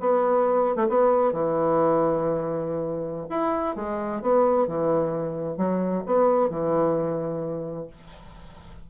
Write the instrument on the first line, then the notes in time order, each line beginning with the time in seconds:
bassoon
0.00 B3
0.76 A3
0.89 B3
1.32 E3
3.30 E4
3.76 G#3
4.22 B3
4.67 E3
5.57 F#3
6.06 B3
6.50 E3